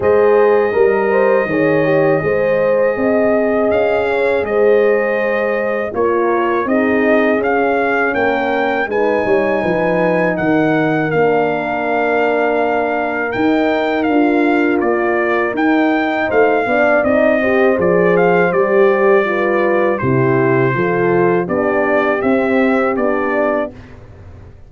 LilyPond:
<<
  \new Staff \with { instrumentName = "trumpet" } { \time 4/4 \tempo 4 = 81 dis''1~ | dis''4 f''4 dis''2 | cis''4 dis''4 f''4 g''4 | gis''2 fis''4 f''4~ |
f''2 g''4 f''4 | d''4 g''4 f''4 dis''4 | d''8 f''8 d''2 c''4~ | c''4 d''4 e''4 d''4 | }
  \new Staff \with { instrumentName = "horn" } { \time 4/4 c''4 ais'8 c''8 cis''4 c''4 | dis''4. cis''8 c''2 | ais'4 gis'2 ais'4 | b'8 cis''8 b'4 ais'2~ |
ais'1~ | ais'2 c''8 d''4 c''8~ | c''2 b'4 g'4 | a'4 g'2. | }
  \new Staff \with { instrumentName = "horn" } { \time 4/4 gis'4 ais'4 gis'8 g'8 gis'4~ | gis'1 | f'4 dis'4 cis'2 | dis'2. d'4~ |
d'2 dis'4 f'4~ | f'4 dis'4. d'8 dis'8 g'8 | gis'4 g'4 f'4 e'4 | f'4 d'4 c'4 d'4 | }
  \new Staff \with { instrumentName = "tuba" } { \time 4/4 gis4 g4 dis4 gis4 | c'4 cis'4 gis2 | ais4 c'4 cis'4 ais4 | gis8 g8 f4 dis4 ais4~ |
ais2 dis'4 d'4 | ais4 dis'4 a8 b8 c'4 | f4 g2 c4 | f4 b4 c'4 b4 | }
>>